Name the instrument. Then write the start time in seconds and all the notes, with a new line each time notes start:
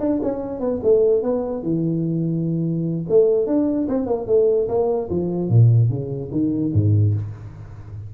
tuba
0.00 D4
0.23 C#4
0.60 B3
0.83 A3
1.23 B3
1.63 E3
3.09 A3
3.47 D4
3.88 C4
4.06 A#3
4.27 A3
4.68 A#3
5.10 F3
5.49 A#2
5.89 C#3
6.31 D#3
6.73 G#2